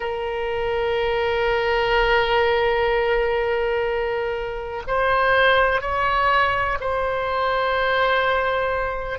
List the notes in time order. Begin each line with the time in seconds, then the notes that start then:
0.00 A#4
4.87 C5
5.81 C#5
6.80 C5